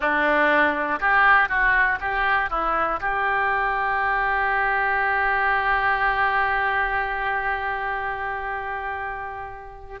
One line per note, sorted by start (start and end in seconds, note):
0.00 0.99 D4
1.00 1.48 G4
1.48 1.98 F#4
2.00 2.50 G4
2.50 3.00 E4
3.00 10.00 G4